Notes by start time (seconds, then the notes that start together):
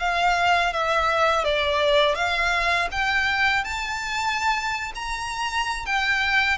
0.00 F5
0.73 E5
1.44 D5
2.15 F5
2.92 G5
3.64 A5
4.95 A#5
5.86 G5